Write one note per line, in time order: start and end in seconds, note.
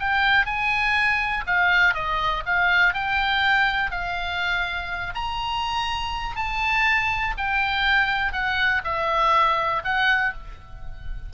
0.00 0.46 G5
0.46 1.45 G#5
1.47 1.95 F5
1.95 2.44 D#5
2.46 2.94 F5
2.94 3.91 G5
3.91 5.14 F5
5.15 6.36 A#5
6.36 7.35 A5
7.38 8.33 G5
8.33 8.82 F#5
8.85 9.83 E5
9.85 10.34 F#5